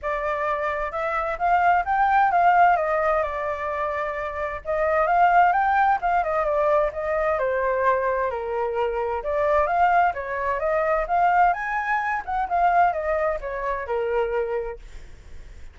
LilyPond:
\new Staff \with { instrumentName = "flute" } { \time 4/4 \tempo 4 = 130 d''2 e''4 f''4 | g''4 f''4 dis''4 d''4~ | d''2 dis''4 f''4 | g''4 f''8 dis''8 d''4 dis''4 |
c''2 ais'2 | d''4 f''4 cis''4 dis''4 | f''4 gis''4. fis''8 f''4 | dis''4 cis''4 ais'2 | }